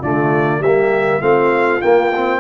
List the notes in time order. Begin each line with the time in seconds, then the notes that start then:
0.00 D3 A3 F4 D5
0.59 G3 G4 E5
0.66 A#3
1.21 A3 C4 F4 F5
1.81 A#3 G5
2.16 C4